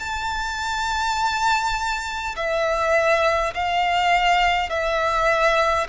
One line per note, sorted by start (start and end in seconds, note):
0.00 2.35 A5
2.36 3.53 E5
3.55 4.70 F5
4.70 5.87 E5